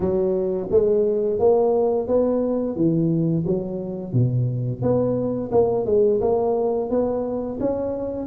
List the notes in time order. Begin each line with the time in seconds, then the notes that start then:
0.00 F#3
0.71 G#3
1.39 A#3
2.07 B3
2.76 E3
3.46 F#3
4.13 B2
4.82 B3
5.51 A#3
5.85 G#3
6.21 A#3
6.90 B3
7.60 C#4